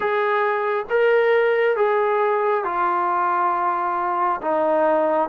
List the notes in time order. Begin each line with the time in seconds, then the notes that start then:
0.00 G#4
0.89 A#4
1.76 G#4
2.64 F4
4.41 D#4